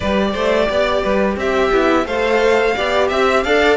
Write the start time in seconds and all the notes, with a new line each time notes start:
0.00 G3 G4 B4 D5
0.32 A3 C5
0.69 B3 D5
1.02 G3 B4
1.36 C4 G4 E5
1.72 B3 E4
2.05 A3 A4 C5 F5
2.75 B3 G4 D5
3.08 C4 E5
3.43 D4 A4 D5 F5